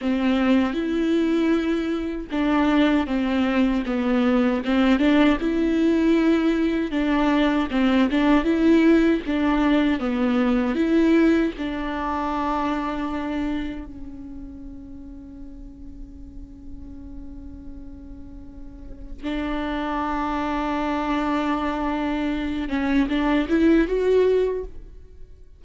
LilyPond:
\new Staff \with { instrumentName = "viola" } { \time 4/4 \tempo 4 = 78 c'4 e'2 d'4 | c'4 b4 c'8 d'8 e'4~ | e'4 d'4 c'8 d'8 e'4 | d'4 b4 e'4 d'4~ |
d'2 cis'2~ | cis'1~ | cis'4 d'2.~ | d'4. cis'8 d'8 e'8 fis'4 | }